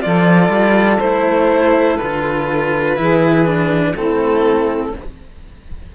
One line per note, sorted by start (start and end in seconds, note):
0.00 0.48 F3
0.00 0.98 F4
0.00 2.98 A4
0.00 0.99 D5
0.48 0.98 G3
0.99 1.99 A3
0.99 1.98 E4
0.99 1.97 C5
1.97 2.98 D3
1.97 2.96 F4
1.97 3.94 B4
2.96 3.94 E3
2.96 3.45 E4
2.96 3.95 G#4
3.45 3.94 D4
3.94 4.92 A3
3.94 4.94 C4
3.94 4.93 E4
3.94 4.95 A4